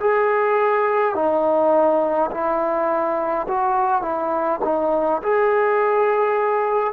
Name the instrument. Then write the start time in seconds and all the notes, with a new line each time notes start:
trombone
0.00 G#4
1.15 D#4
2.31 E4
3.48 F#4
4.02 E4
4.64 D#4
5.22 G#4